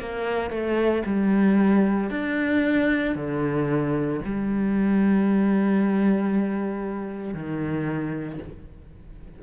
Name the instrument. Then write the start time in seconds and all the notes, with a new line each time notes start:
cello
0.00 A#3
0.50 A3
1.06 G3
2.11 D4
3.16 D3
4.25 G3
7.34 D#3